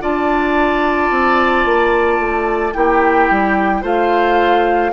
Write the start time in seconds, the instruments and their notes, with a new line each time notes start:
0.00 bassoon D4, clarinet F4, oboe D5, flute A5
1.10 bassoon C4
1.65 bassoon A#3
2.19 bassoon A3
2.73 bassoon A#3, clarinet E4, oboe G4, flute G5
3.30 bassoon G3
3.82 bassoon A3, clarinet F4, oboe C5, flute F5